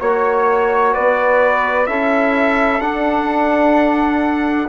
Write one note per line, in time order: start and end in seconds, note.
0.00 0.95 A#3
0.00 1.87 F#4
0.00 0.94 C#5
0.94 1.88 B3
0.94 1.87 B4
0.94 1.87 D5
1.87 2.81 C#4
1.87 2.80 E4
1.87 4.69 A4
1.87 2.81 E5
2.81 4.68 D4
2.81 4.69 D4
2.81 4.68 F#5